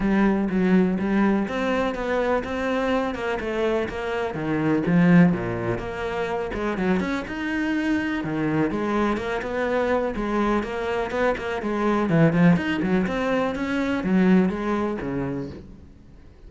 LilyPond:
\new Staff \with { instrumentName = "cello" } { \time 4/4 \tempo 4 = 124 g4 fis4 g4 c'4 | b4 c'4. ais8 a4 | ais4 dis4 f4 ais,4 | ais4. gis8 fis8 cis'8 dis'4~ |
dis'4 dis4 gis4 ais8 b8~ | b4 gis4 ais4 b8 ais8 | gis4 e8 f8 dis'8 fis8 c'4 | cis'4 fis4 gis4 cis4 | }